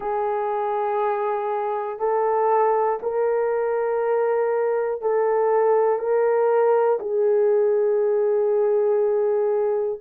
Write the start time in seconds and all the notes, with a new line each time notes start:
0.00 G#4
1.99 A4
3.02 A#4
5.01 A4
5.98 A#4
7.00 G#4